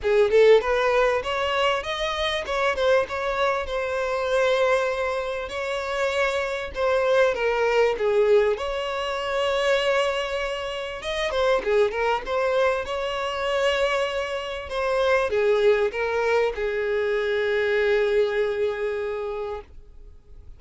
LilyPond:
\new Staff \with { instrumentName = "violin" } { \time 4/4 \tempo 4 = 98 gis'8 a'8 b'4 cis''4 dis''4 | cis''8 c''8 cis''4 c''2~ | c''4 cis''2 c''4 | ais'4 gis'4 cis''2~ |
cis''2 dis''8 c''8 gis'8 ais'8 | c''4 cis''2. | c''4 gis'4 ais'4 gis'4~ | gis'1 | }